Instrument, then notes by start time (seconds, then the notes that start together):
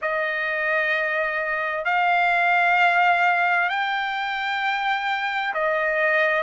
trumpet
0.01 D#5
1.85 F5
3.69 G5
5.54 D#5